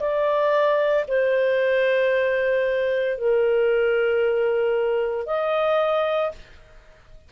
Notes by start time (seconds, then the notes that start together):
0.00 D5
1.08 C5
3.18 A#4
5.27 D#5